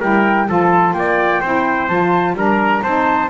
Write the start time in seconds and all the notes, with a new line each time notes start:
0.00 G3 E4 A#4 G5
0.48 F3 F4 A4 A5
0.93 A#3 D5 G5
1.41 C4 E4 C5
1.88 F3 F4 A5
2.33 G3 D4 A#4 A#5
2.83 C4 D#4 C5 A5